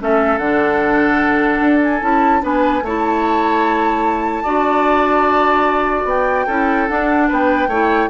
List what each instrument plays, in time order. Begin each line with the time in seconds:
0.00 bassoon A3, clarinet C#4, oboe A4, flute E5
0.38 bassoon D3, clarinet D4, flute F#5
1.61 bassoon D4
1.83 flute G#5
2.02 bassoon C#4, clarinet E4, flute A5
2.42 bassoon B3, clarinet D4, oboe B4, flute G#5
2.82 bassoon A3, clarinet E4, oboe C#5, flute A5
4.43 bassoon D4, clarinet F#4, oboe D5
6.05 bassoon B3, flute G5
6.46 bassoon C#4, clarinet E4, oboe A4
6.89 clarinet D4, bassoon D4, flute F#5
7.28 bassoon B3, oboe B4, flute G5
7.68 bassoon A3, clarinet E4, oboe C#5